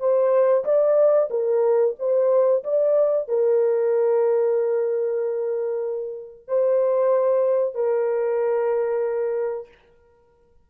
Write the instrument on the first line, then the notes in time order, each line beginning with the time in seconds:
horn
0.00 C5
0.65 D5
1.30 A#4
1.99 C5
2.64 D5
3.28 A#4
6.48 C5
7.75 A#4